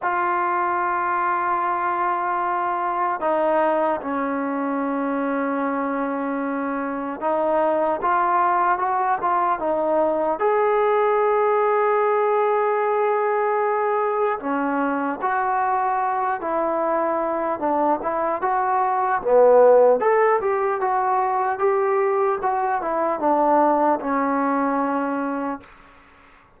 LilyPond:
\new Staff \with { instrumentName = "trombone" } { \time 4/4 \tempo 4 = 75 f'1 | dis'4 cis'2.~ | cis'4 dis'4 f'4 fis'8 f'8 | dis'4 gis'2.~ |
gis'2 cis'4 fis'4~ | fis'8 e'4. d'8 e'8 fis'4 | b4 a'8 g'8 fis'4 g'4 | fis'8 e'8 d'4 cis'2 | }